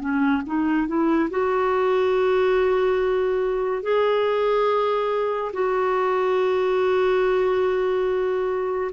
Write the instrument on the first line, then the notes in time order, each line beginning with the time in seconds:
clarinet
0.00 C#4
0.46 D#4
0.87 E4
1.30 F#4
3.83 G#4
5.53 F#4